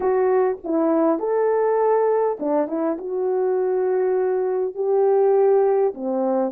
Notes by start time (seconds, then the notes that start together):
0.00 F#4
0.64 E4
1.19 A4
2.39 D4
2.67 E4
2.97 F#4
4.74 G4
5.94 C4